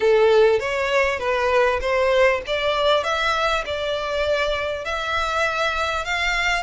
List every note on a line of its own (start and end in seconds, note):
0.00 0.59 A4
0.59 1.19 C#5
1.19 1.79 B4
1.80 2.41 C5
2.46 3.03 D5
3.03 3.64 E5
3.65 4.85 D5
4.85 6.04 E5
6.04 6.63 F5